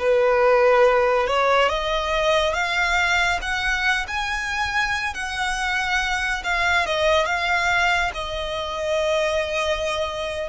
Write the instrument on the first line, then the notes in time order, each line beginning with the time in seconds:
violin
0.00 B4
1.28 C#5
1.69 D#5
2.54 F5
3.42 F#5
4.08 G#5
5.15 F#5
6.44 F5
6.86 D#5
7.26 F5
8.15 D#5